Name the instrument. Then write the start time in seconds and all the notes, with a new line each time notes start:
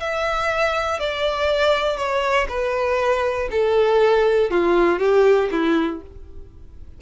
violin
0.00 E5
1.00 D5
1.97 C#5
2.49 B4
3.52 A4
4.51 F4
4.99 G4
5.52 E4